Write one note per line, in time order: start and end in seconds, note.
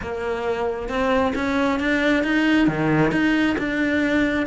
0.01 0.88 A#3
0.88 1.33 C4
1.35 1.79 C#4
1.79 2.23 D4
2.23 2.67 D#4
2.67 3.11 D#3
3.11 3.56 D#4
3.58 4.46 D4